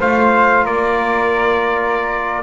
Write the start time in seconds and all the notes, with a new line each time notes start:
0.00 A3 F4 C5 F5
0.64 A#3 A#4 D5